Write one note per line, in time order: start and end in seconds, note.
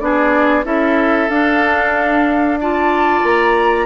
0.00 0.65 B3
0.00 0.64 D4
0.00 0.66 G#4
0.00 0.65 D5
0.64 1.29 C#4
0.64 1.28 E4
0.64 2.59 A4
0.64 1.30 E5
1.29 3.23 D4
1.29 2.60 D4
1.29 2.59 F5
2.61 3.87 F4
2.61 3.87 D5
2.61 3.26 A5
3.23 3.87 A#3
3.23 3.87 A#5